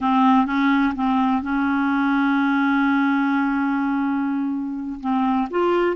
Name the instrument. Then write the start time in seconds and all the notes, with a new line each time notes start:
clarinet
0.01 C4
0.45 C#4
0.95 C4
1.42 C#4
5.00 C4
5.50 F4